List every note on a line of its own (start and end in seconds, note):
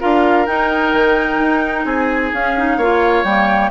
0.00 0.48 D4
0.00 0.47 F4
0.00 1.86 A#4
0.00 0.47 F5
0.47 0.93 D#4
0.47 2.34 D#4
0.47 1.85 G5
0.93 1.39 D#3
1.39 1.85 D#4
1.85 2.31 C4
1.85 2.78 G#4
1.85 2.32 G#5
2.34 2.77 C#4
2.34 2.57 C#4
2.34 3.24 F5
2.57 2.81 D#4
2.77 3.24 A#3
2.77 3.26 F4
2.77 3.71 C#5
3.24 3.70 G3
3.24 3.71 A#3
3.24 3.71 G5